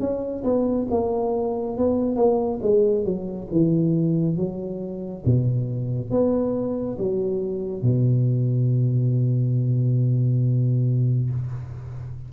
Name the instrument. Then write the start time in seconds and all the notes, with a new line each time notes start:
tuba
0.00 C#4
0.44 B3
0.91 A#3
1.78 B3
2.16 A#3
2.62 G#3
3.05 F#3
3.52 E3
4.37 F#3
5.25 B2
6.11 B3
6.99 F#3
7.83 B2